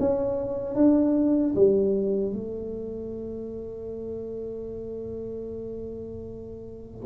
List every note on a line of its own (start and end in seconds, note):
0.00 0.76 C#4
0.76 1.55 D4
1.56 2.33 G3
2.33 7.06 A3